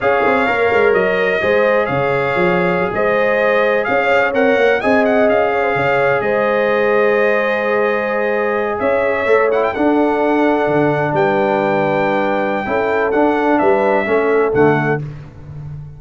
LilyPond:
<<
  \new Staff \with { instrumentName = "trumpet" } { \time 4/4 \tempo 4 = 128 f''2 dis''2 | f''2~ f''16 dis''4.~ dis''16~ | dis''16 f''4 fis''4 gis''8 fis''8 f''8.~ | f''4~ f''16 dis''2~ dis''8.~ |
dis''2~ dis''8. e''4~ e''16~ | e''16 fis''16 g''16 fis''2. g''16~ | g''1 | fis''4 e''2 fis''4 | }
  \new Staff \with { instrumentName = "horn" } { \time 4/4 cis''2. c''4 | cis''2~ cis''16 c''4.~ c''16~ | c''16 cis''2 dis''4. cis''16 | c''16 cis''4 c''2~ c''8.~ |
c''2~ c''8. cis''4~ cis''16~ | cis''8. a'2. b'16~ | b'2. a'4~ | a'4 b'4 a'2 | }
  \new Staff \with { instrumentName = "trombone" } { \time 4/4 gis'4 ais'2 gis'4~ | gis'1~ | gis'4~ gis'16 ais'4 gis'4.~ gis'16~ | gis'1~ |
gis'2.~ gis'8. a'16~ | a'16 e'8 d'2.~ d'16~ | d'2. e'4 | d'2 cis'4 a4 | }
  \new Staff \with { instrumentName = "tuba" } { \time 4/4 cis'8 c'8 ais8 gis8 fis4 gis4 | cis4 f4 fis16 gis4.~ gis16~ | gis16 cis'4 c'8 ais8 c'4 cis'8.~ | cis'16 cis4 gis2~ gis8.~ |
gis2~ gis8. cis'4 a16~ | a8. d'2 d4 g16~ | g2. cis'4 | d'4 g4 a4 d4 | }
>>